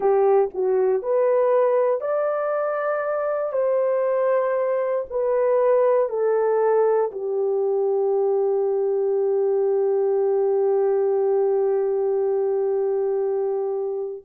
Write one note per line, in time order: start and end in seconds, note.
0.00 0.49 G4
0.54 1.02 F#4
1.02 2.00 B4
2.00 3.52 D5
3.52 5.05 C5
5.09 6.09 B4
6.09 7.10 A4
7.11 14.23 G4